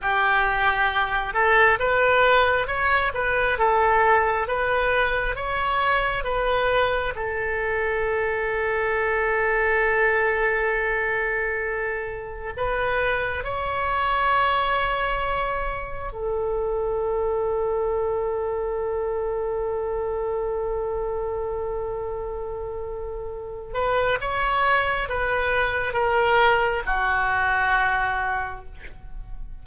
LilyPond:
\new Staff \with { instrumentName = "oboe" } { \time 4/4 \tempo 4 = 67 g'4. a'8 b'4 cis''8 b'8 | a'4 b'4 cis''4 b'4 | a'1~ | a'2 b'4 cis''4~ |
cis''2 a'2~ | a'1~ | a'2~ a'8 b'8 cis''4 | b'4 ais'4 fis'2 | }